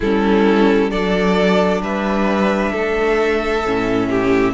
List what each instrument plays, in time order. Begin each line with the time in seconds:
0.00 cello G3, viola C#4, violin E4 A4
0.90 cello F#3, viola D4, violin A4 D5
1.81 cello G3, violin B4 E5
2.72 cello A3, violin A4
3.64 cello A2, viola C#4
4.09 violin G4